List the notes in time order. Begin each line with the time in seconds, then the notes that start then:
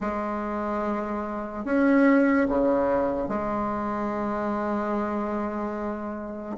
0.00 G#3
1.64 C#4
2.48 C#3
3.28 G#3